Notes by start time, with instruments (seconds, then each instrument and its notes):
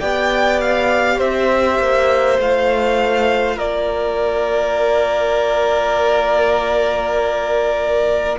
0.00 cello B3, viola G4, violin D5 G5
0.61 violin F5
1.18 cello C4, violin C5 E5
1.79 cello A#3
2.39 cello A3, viola F4, violin F5
3.57 cello A#3, violin A#4 D5